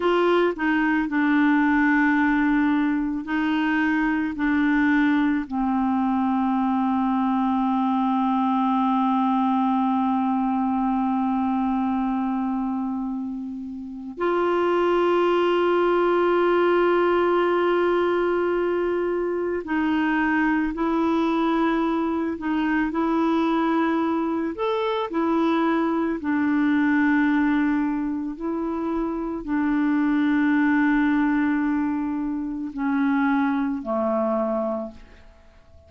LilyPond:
\new Staff \with { instrumentName = "clarinet" } { \time 4/4 \tempo 4 = 55 f'8 dis'8 d'2 dis'4 | d'4 c'2.~ | c'1~ | c'4 f'2.~ |
f'2 dis'4 e'4~ | e'8 dis'8 e'4. a'8 e'4 | d'2 e'4 d'4~ | d'2 cis'4 a4 | }